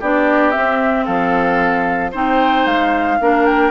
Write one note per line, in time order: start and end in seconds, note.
0.00 0.55 B3
0.00 0.53 D4
0.00 1.05 G4
0.00 0.52 D5
0.52 2.13 C4
0.52 1.08 C4
0.52 1.05 E5
1.05 2.14 F3
1.05 2.12 A4
1.05 2.12 F5
2.12 2.66 C4
2.12 3.20 D#4
2.12 3.18 C5
2.12 2.67 G5
2.66 3.19 G#3
2.66 3.46 F5
3.21 3.71 A#3
3.21 3.71 D4
3.21 3.71 A#4
3.46 3.71 G5